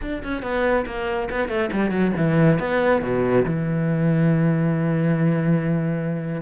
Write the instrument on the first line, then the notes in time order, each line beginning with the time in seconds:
cello
0.01 D4
0.23 C#4
0.42 B3
0.86 A#3
1.30 B3
1.48 A3
1.72 G3
1.90 F#3
2.16 E3
2.59 B3
3.02 B2
3.45 E3